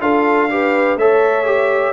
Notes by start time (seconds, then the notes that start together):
0.00 D4 F4 A4 F5
0.49 G4 B4
0.96 A3 A4 C#5 E5
1.44 G4